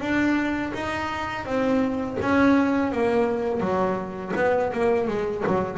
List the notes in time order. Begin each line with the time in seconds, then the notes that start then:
0.00 D4
0.74 D#4
1.45 C4
2.21 C#4
2.92 A#3
3.60 F#3
4.36 B3
4.73 A#3
5.08 G#3
5.47 F#3